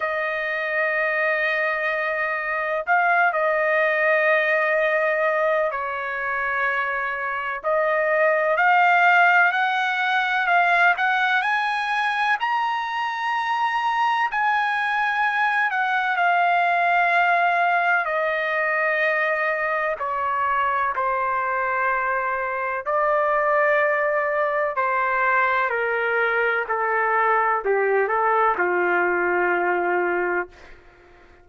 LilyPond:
\new Staff \with { instrumentName = "trumpet" } { \time 4/4 \tempo 4 = 63 dis''2. f''8 dis''8~ | dis''2 cis''2 | dis''4 f''4 fis''4 f''8 fis''8 | gis''4 ais''2 gis''4~ |
gis''8 fis''8 f''2 dis''4~ | dis''4 cis''4 c''2 | d''2 c''4 ais'4 | a'4 g'8 a'8 f'2 | }